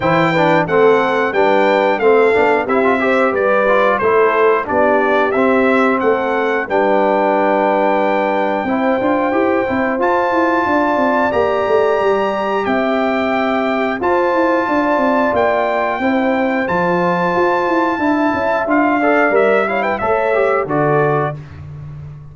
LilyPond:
<<
  \new Staff \with { instrumentName = "trumpet" } { \time 4/4 \tempo 4 = 90 g''4 fis''4 g''4 f''4 | e''4 d''4 c''4 d''4 | e''4 fis''4 g''2~ | g''2. a''4~ |
a''4 ais''2 g''4~ | g''4 a''2 g''4~ | g''4 a''2. | f''4 e''8 f''16 g''16 e''4 d''4 | }
  \new Staff \with { instrumentName = "horn" } { \time 4/4 c''8 b'8 a'4 b'4 a'4 | g'8 c''8 b'4 a'4 g'4~ | g'4 a'4 b'2~ | b'4 c''2. |
d''2. e''4~ | e''4 c''4 d''2 | c''2. e''4~ | e''8 d''4 cis''16 b'16 cis''4 a'4 | }
  \new Staff \with { instrumentName = "trombone" } { \time 4/4 e'8 d'8 c'4 d'4 c'8 d'8 | e'16 f'16 g'4 f'8 e'4 d'4 | c'2 d'2~ | d'4 e'8 f'8 g'8 e'8 f'4~ |
f'4 g'2.~ | g'4 f'2. | e'4 f'2 e'4 | f'8 a'8 ais'8 e'8 a'8 g'8 fis'4 | }
  \new Staff \with { instrumentName = "tuba" } { \time 4/4 e4 a4 g4 a8 b8 | c'4 g4 a4 b4 | c'4 a4 g2~ | g4 c'8 d'8 e'8 c'8 f'8 e'8 |
d'8 c'8 ais8 a8 g4 c'4~ | c'4 f'8 e'8 d'8 c'8 ais4 | c'4 f4 f'8 e'8 d'8 cis'8 | d'4 g4 a4 d4 | }
>>